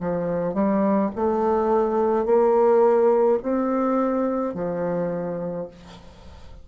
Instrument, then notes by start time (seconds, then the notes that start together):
bassoon
0.00 F3
0.54 G3
1.16 A3
2.25 A#3
3.42 C4
4.54 F3